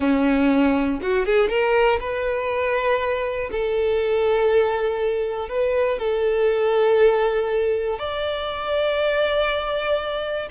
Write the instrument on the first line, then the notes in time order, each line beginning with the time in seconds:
violin
0.00 C#4
1.01 F#4
1.25 G#4
1.49 A#4
2.00 B4
3.51 A4
5.49 B4
5.99 A4
7.99 D5